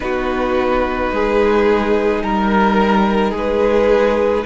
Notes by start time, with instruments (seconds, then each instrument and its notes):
0.00 cello B3, viola D#4, violin F#4 B4
1.11 cello G#3, violin G#4
2.22 cello G3, violin A#4
3.31 cello G#3, violin G#4
3.37 violin B4